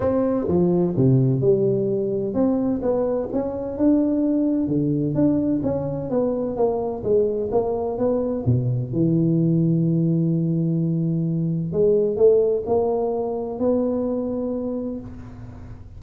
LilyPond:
\new Staff \with { instrumentName = "tuba" } { \time 4/4 \tempo 4 = 128 c'4 f4 c4 g4~ | g4 c'4 b4 cis'4 | d'2 d4 d'4 | cis'4 b4 ais4 gis4 |
ais4 b4 b,4 e4~ | e1~ | e4 gis4 a4 ais4~ | ais4 b2. | }